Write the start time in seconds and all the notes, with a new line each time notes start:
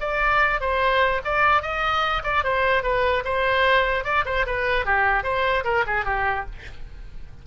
0.00 D5
0.60 C5
1.24 D5
1.62 D#5
2.23 D5
2.44 C5
2.83 B4
3.24 C5
4.04 D5
4.25 C5
4.46 B4
4.85 G4
5.23 C5
5.64 A#4
5.86 G#4
6.05 G4